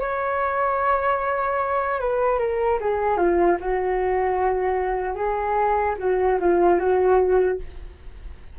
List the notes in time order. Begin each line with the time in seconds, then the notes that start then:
0.00 C#5
2.00 B4
2.39 A#4
2.80 G#4
3.17 F4
3.60 F#4
5.16 G#4
5.99 F#4
6.40 F4
6.79 F#4